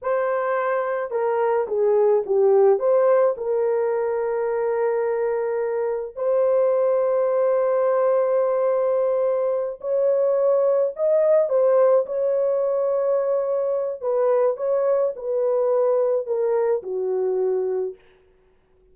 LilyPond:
\new Staff \with { instrumentName = "horn" } { \time 4/4 \tempo 4 = 107 c''2 ais'4 gis'4 | g'4 c''4 ais'2~ | ais'2. c''4~ | c''1~ |
c''4. cis''2 dis''8~ | dis''8 c''4 cis''2~ cis''8~ | cis''4 b'4 cis''4 b'4~ | b'4 ais'4 fis'2 | }